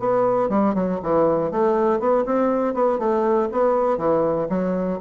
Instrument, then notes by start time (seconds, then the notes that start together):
bassoon
0.00 B3
0.50 G3
0.75 F#3
1.03 E3
1.52 A3
2.00 B3
2.26 C4
2.75 B3
3.00 A3
3.52 B3
3.98 E3
4.50 F#3